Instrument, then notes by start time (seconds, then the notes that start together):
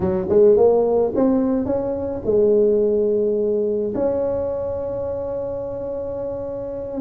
tuba
0.00 F#3
0.29 G#3
0.56 A#3
1.15 C4
1.65 C#4
2.25 G#3
3.94 C#4